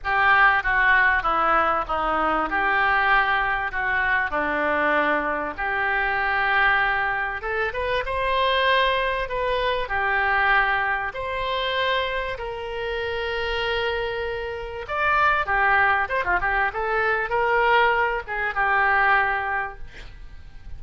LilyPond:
\new Staff \with { instrumentName = "oboe" } { \time 4/4 \tempo 4 = 97 g'4 fis'4 e'4 dis'4 | g'2 fis'4 d'4~ | d'4 g'2. | a'8 b'8 c''2 b'4 |
g'2 c''2 | ais'1 | d''4 g'4 c''16 f'16 g'8 a'4 | ais'4. gis'8 g'2 | }